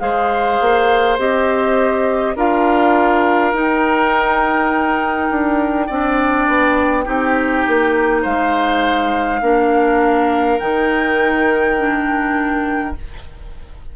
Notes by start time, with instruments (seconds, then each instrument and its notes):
0.00 bassoon G#3, clarinet G#4, oboe C5, flute F5
0.61 bassoon A#3
1.18 bassoon C4, clarinet G4, flute D#5
2.36 bassoon D4, clarinet F4, oboe A#4, flute F5
3.53 bassoon D#4, clarinet D#4, flute G5
5.30 bassoon D4
5.87 bassoon C4, clarinet D4, oboe D5
6.48 bassoon B3
7.05 bassoon C4, clarinet D#4, oboe G4
7.68 bassoon A#3
8.22 bassoon G#3, oboe C5, flute F5
9.42 bassoon A#3, clarinet D4, oboe A#4
10.59 bassoon D#3, clarinet D#4, flute G5
11.78 clarinet D4